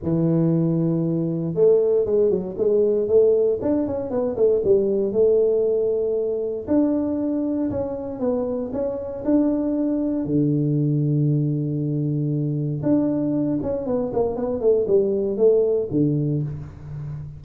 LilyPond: \new Staff \with { instrumentName = "tuba" } { \time 4/4 \tempo 4 = 117 e2. a4 | gis8 fis8 gis4 a4 d'8 cis'8 | b8 a8 g4 a2~ | a4 d'2 cis'4 |
b4 cis'4 d'2 | d1~ | d4 d'4. cis'8 b8 ais8 | b8 a8 g4 a4 d4 | }